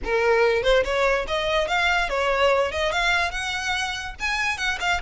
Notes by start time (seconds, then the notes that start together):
0.04 A#4
0.62 C5
0.84 C#5
1.27 D#5
1.67 F5
2.09 C#5
2.71 D#5
2.91 F5
3.31 F#5
4.19 G#5
4.57 F#5
4.80 F5